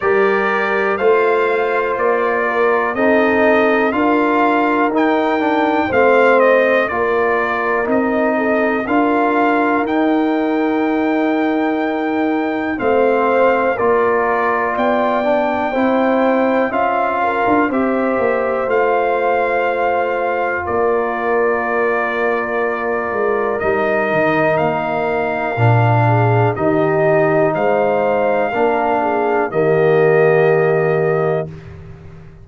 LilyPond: <<
  \new Staff \with { instrumentName = "trumpet" } { \time 4/4 \tempo 4 = 61 d''4 f''4 d''4 dis''4 | f''4 g''4 f''8 dis''8 d''4 | dis''4 f''4 g''2~ | g''4 f''4 d''4 g''4~ |
g''4 f''4 e''4 f''4~ | f''4 d''2. | dis''4 f''2 dis''4 | f''2 dis''2 | }
  \new Staff \with { instrumentName = "horn" } { \time 4/4 ais'4 c''4. ais'8 a'4 | ais'2 c''4 ais'4~ | ais'8 a'8 ais'2.~ | ais'4 c''4 ais'4 d''4 |
c''4 e''8 ais'8 c''2~ | c''4 ais'2.~ | ais'2~ ais'8 gis'8 g'4 | c''4 ais'8 gis'8 g'2 | }
  \new Staff \with { instrumentName = "trombone" } { \time 4/4 g'4 f'2 dis'4 | f'4 dis'8 d'8 c'4 f'4 | dis'4 f'4 dis'2~ | dis'4 c'4 f'4. d'8 |
e'4 f'4 g'4 f'4~ | f'1 | dis'2 d'4 dis'4~ | dis'4 d'4 ais2 | }
  \new Staff \with { instrumentName = "tuba" } { \time 4/4 g4 a4 ais4 c'4 | d'4 dis'4 a4 ais4 | c'4 d'4 dis'2~ | dis'4 a4 ais4 b4 |
c'4 cis'8. d'16 c'8 ais8 a4~ | a4 ais2~ ais8 gis8 | g8 dis8 ais4 ais,4 dis4 | gis4 ais4 dis2 | }
>>